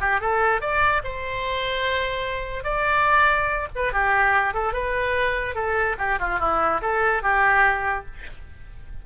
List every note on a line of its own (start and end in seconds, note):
0.00 0.21 G4
0.21 0.61 A4
0.61 1.02 D5
1.03 2.64 C5
2.64 3.67 D5
3.75 3.92 B4
3.92 4.53 G4
4.53 4.73 A4
4.73 5.55 B4
5.55 5.96 A4
5.98 6.19 G4
6.19 6.39 F4
6.39 6.81 E4
6.81 7.22 A4
7.22 8.05 G4